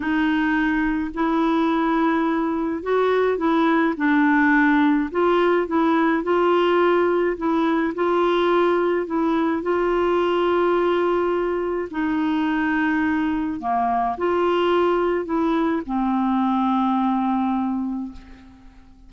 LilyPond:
\new Staff \with { instrumentName = "clarinet" } { \time 4/4 \tempo 4 = 106 dis'2 e'2~ | e'4 fis'4 e'4 d'4~ | d'4 f'4 e'4 f'4~ | f'4 e'4 f'2 |
e'4 f'2.~ | f'4 dis'2. | ais4 f'2 e'4 | c'1 | }